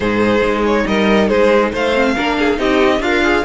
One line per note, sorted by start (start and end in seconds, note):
0.00 0.41 G#2
0.00 1.94 D#4
0.00 0.84 G#4
0.00 0.64 C5
0.41 0.84 G#3
0.65 0.87 C#5
0.86 1.29 G3
0.86 1.29 A#4
0.86 1.28 D#5
1.28 1.72 G#3
1.28 1.71 G#4
1.28 1.71 C5
1.71 2.16 A3
1.71 2.15 C5
1.71 2.59 F5
1.94 2.15 C4
2.16 2.58 A#3
2.16 2.56 D4
2.16 2.38 A#4
2.38 2.59 G#4
2.56 2.99 C4
2.56 2.99 D#4
2.56 3.01 G4
2.56 3.02 D#5
2.99 3.42 D4
2.99 3.44 F4
2.99 3.44 F5
3.05 3.23 A#4
3.23 3.44 G#4